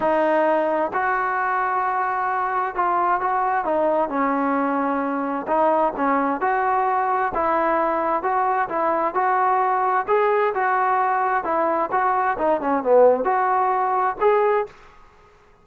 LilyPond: \new Staff \with { instrumentName = "trombone" } { \time 4/4 \tempo 4 = 131 dis'2 fis'2~ | fis'2 f'4 fis'4 | dis'4 cis'2. | dis'4 cis'4 fis'2 |
e'2 fis'4 e'4 | fis'2 gis'4 fis'4~ | fis'4 e'4 fis'4 dis'8 cis'8 | b4 fis'2 gis'4 | }